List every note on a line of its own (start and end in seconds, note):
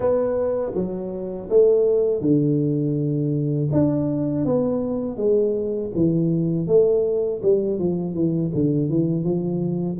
0.00 0.72 B3
0.74 1.48 F#3
1.49 2.21 A3
2.21 3.69 D3
3.71 4.45 D4
4.45 5.16 B3
5.16 5.90 G#3
5.95 6.67 E3
6.67 7.41 A3
7.42 7.78 G3
7.78 8.13 F3
8.13 8.51 E3
8.54 8.89 D3
8.89 9.24 E3
9.24 9.98 F3